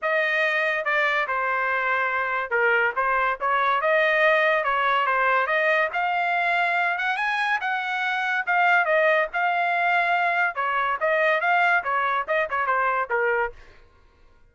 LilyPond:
\new Staff \with { instrumentName = "trumpet" } { \time 4/4 \tempo 4 = 142 dis''2 d''4 c''4~ | c''2 ais'4 c''4 | cis''4 dis''2 cis''4 | c''4 dis''4 f''2~ |
f''8 fis''8 gis''4 fis''2 | f''4 dis''4 f''2~ | f''4 cis''4 dis''4 f''4 | cis''4 dis''8 cis''8 c''4 ais'4 | }